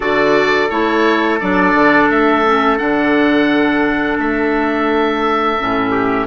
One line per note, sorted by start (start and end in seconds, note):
0.00 0.70 D3
0.00 0.69 F#4
0.00 5.91 A4
0.00 0.69 D5
0.69 1.40 A3
0.69 1.39 E4
0.69 1.39 C#5
1.40 1.74 F#3
1.40 2.45 D4
1.40 2.09 D5
1.74 2.09 D3
2.10 2.79 A3
2.10 2.78 E5
2.45 2.77 C#4
2.77 4.18 D3
2.77 5.56 D4
2.77 4.17 F#5
4.18 5.57 A3
4.18 6.27 E5
5.59 6.27 A2
5.59 6.27 C#4
5.91 6.26 G4